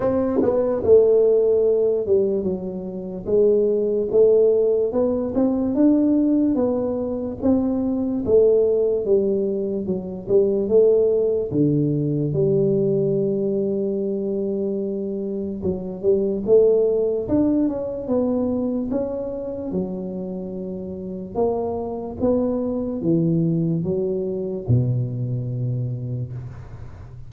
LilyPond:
\new Staff \with { instrumentName = "tuba" } { \time 4/4 \tempo 4 = 73 c'8 b8 a4. g8 fis4 | gis4 a4 b8 c'8 d'4 | b4 c'4 a4 g4 | fis8 g8 a4 d4 g4~ |
g2. fis8 g8 | a4 d'8 cis'8 b4 cis'4 | fis2 ais4 b4 | e4 fis4 b,2 | }